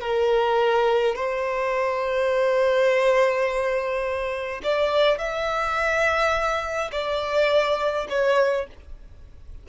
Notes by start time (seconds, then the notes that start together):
0.00 A#4
1.15 C5
4.63 D5
5.18 E5
6.92 D5
8.09 C#5